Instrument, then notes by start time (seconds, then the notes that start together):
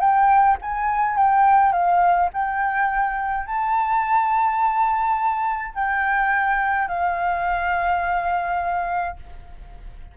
flute
0.00 G5
0.62 G#5
1.17 G5
1.72 F5
2.33 G5
3.46 A5
5.75 G5
6.88 F5